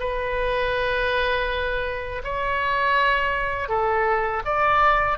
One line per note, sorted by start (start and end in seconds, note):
0.00 2.22 B4
2.24 3.69 C#5
3.69 4.43 A4
4.45 5.18 D5